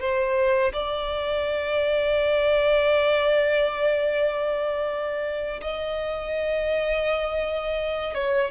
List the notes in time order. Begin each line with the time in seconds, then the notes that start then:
0.00 C5
0.73 D5
5.61 D#5
8.15 C#5